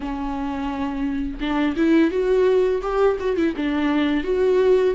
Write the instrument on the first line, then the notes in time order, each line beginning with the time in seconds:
viola
0.00 C#4
1.40 D4
1.76 E4
2.10 F#4
2.82 G4
3.19 F#4
3.36 E4
3.56 D4
4.23 F#4